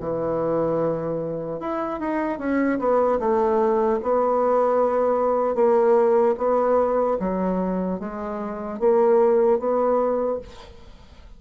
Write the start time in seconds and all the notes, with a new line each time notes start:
0.00 E3
1.60 E4
2.00 D#4
2.39 C#4
2.79 B3
3.20 A3
4.03 B3
5.55 A#3
6.38 B3
7.20 F#3
8.00 G#3
8.80 A#3
9.59 B3